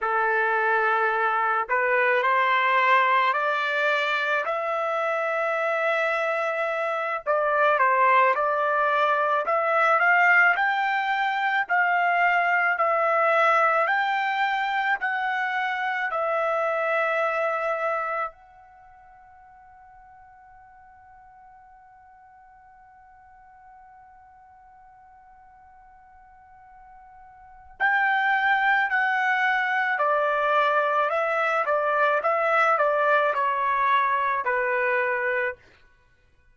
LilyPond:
\new Staff \with { instrumentName = "trumpet" } { \time 4/4 \tempo 4 = 54 a'4. b'8 c''4 d''4 | e''2~ e''8 d''8 c''8 d''8~ | d''8 e''8 f''8 g''4 f''4 e''8~ | e''8 g''4 fis''4 e''4.~ |
e''8 fis''2.~ fis''8~ | fis''1~ | fis''4 g''4 fis''4 d''4 | e''8 d''8 e''8 d''8 cis''4 b'4 | }